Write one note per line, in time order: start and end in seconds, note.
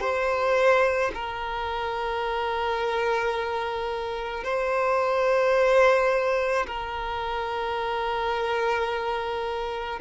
0.00 1.11 C5
1.14 4.43 A#4
4.43 6.66 C5
6.66 9.99 A#4